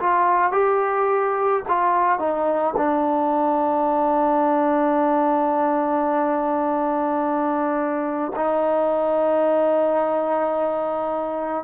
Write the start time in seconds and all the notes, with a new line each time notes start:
0.00 F4
0.53 G4
1.69 F4
2.19 D#4
2.77 D4
8.36 D#4